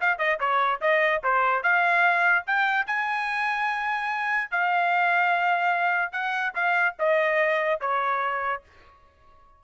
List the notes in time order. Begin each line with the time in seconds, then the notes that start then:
0.00 F5
0.18 D#5
0.40 C#5
0.81 D#5
1.23 C5
1.63 F5
2.47 G5
2.87 G#5
4.51 F5
6.12 F#5
6.55 F5
6.99 D#5
7.80 C#5